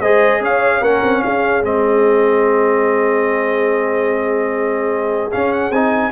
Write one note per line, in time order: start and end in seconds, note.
0.00 0.40 G#3
0.00 0.83 G#4
0.00 0.41 C5
0.00 0.41 D#5
0.40 0.81 C#4
0.40 0.81 C#5
0.40 0.83 F5
0.81 1.01 A#3
0.81 1.63 C#4
0.81 1.22 A#4
0.81 1.22 F#5
1.03 1.23 C4
1.22 1.62 C#4
1.22 6.11 G#4
1.22 1.63 F5
1.62 5.30 G#3
1.62 5.31 C4
1.62 5.32 D#5
5.31 5.72 C#4
5.31 5.70 C#4
5.31 5.52 F5
5.52 5.71 F#5
5.70 6.11 C4
5.70 6.11 D#4
5.70 6.11 G#5